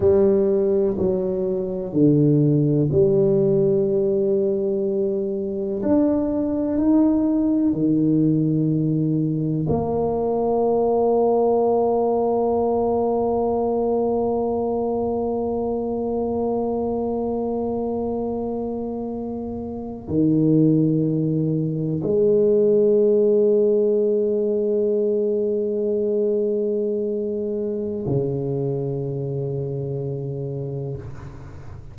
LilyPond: \new Staff \with { instrumentName = "tuba" } { \time 4/4 \tempo 4 = 62 g4 fis4 d4 g4~ | g2 d'4 dis'4 | dis2 ais2~ | ais1~ |
ais1~ | ais8. dis2 gis4~ gis16~ | gis1~ | gis4 cis2. | }